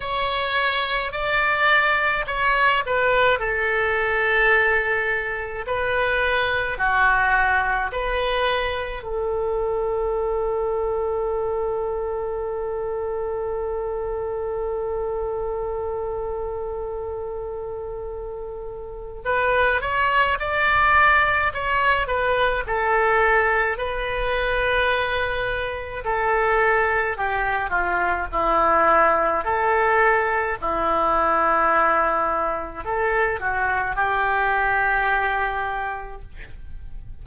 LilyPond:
\new Staff \with { instrumentName = "oboe" } { \time 4/4 \tempo 4 = 53 cis''4 d''4 cis''8 b'8 a'4~ | a'4 b'4 fis'4 b'4 | a'1~ | a'1~ |
a'4 b'8 cis''8 d''4 cis''8 b'8 | a'4 b'2 a'4 | g'8 f'8 e'4 a'4 e'4~ | e'4 a'8 fis'8 g'2 | }